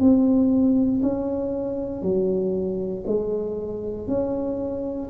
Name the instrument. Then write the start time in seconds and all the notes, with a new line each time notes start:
tuba
0.00 C4
1.03 C#4
2.02 F#3
3.07 G#3
4.08 C#4